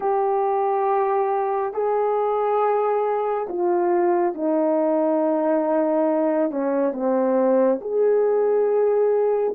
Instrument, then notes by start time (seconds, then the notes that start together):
horn
0.00 G4
1.73 G#4
3.49 F4
4.34 D#4
6.51 C#4
6.92 C4
7.81 G#4